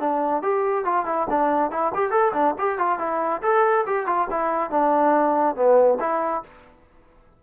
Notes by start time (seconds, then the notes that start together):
0.00 D4
0.43 G4
0.85 F4
1.06 E4
1.30 D4
1.71 E4
1.95 G4
2.11 A4
2.34 D4
2.59 G4
2.79 F4
2.99 E4
3.43 A4
3.86 G4
4.07 F4
4.31 E4
4.70 D4
5.56 B3
6.00 E4